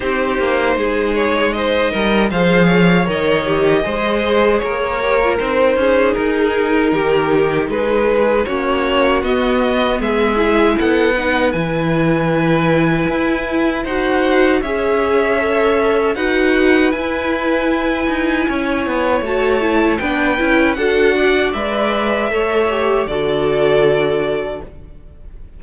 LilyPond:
<<
  \new Staff \with { instrumentName = "violin" } { \time 4/4 \tempo 4 = 78 c''4. cis''8 dis''4 f''4 | dis''2 cis''4 c''4 | ais'2 b'4 cis''4 | dis''4 e''4 fis''4 gis''4~ |
gis''2 fis''4 e''4~ | e''4 fis''4 gis''2~ | gis''4 a''4 g''4 fis''4 | e''2 d''2 | }
  \new Staff \with { instrumentName = "violin" } { \time 4/4 g'4 gis'4 c''8 ais'8 c''8 cis''8~ | cis''4 c''4 ais'4. gis'8~ | gis'4 g'4 gis'4 fis'4~ | fis'4 gis'4 a'8 b'4.~ |
b'2 c''4 cis''4~ | cis''4 b'2. | cis''2 b'4 a'8 d''8~ | d''4 cis''4 a'2 | }
  \new Staff \with { instrumentName = "viola" } { \time 4/4 dis'2. gis'4 | ais'8 g'8 gis'4. g'16 f'16 dis'4~ | dis'2. cis'4 | b4. e'4 dis'8 e'4~ |
e'2 fis'4 gis'4 | a'4 fis'4 e'2~ | e'4 fis'8 e'8 d'8 e'8 fis'4 | b'4 a'8 g'8 fis'2 | }
  \new Staff \with { instrumentName = "cello" } { \time 4/4 c'8 ais8 gis4. g8 f4 | dis4 gis4 ais4 c'8 cis'8 | dis'4 dis4 gis4 ais4 | b4 gis4 b4 e4~ |
e4 e'4 dis'4 cis'4~ | cis'4 dis'4 e'4. dis'8 | cis'8 b8 a4 b8 cis'8 d'4 | gis4 a4 d2 | }
>>